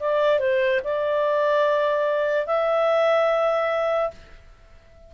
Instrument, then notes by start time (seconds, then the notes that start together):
clarinet
0.00 D5
0.40 C5
0.84 D5
2.47 E5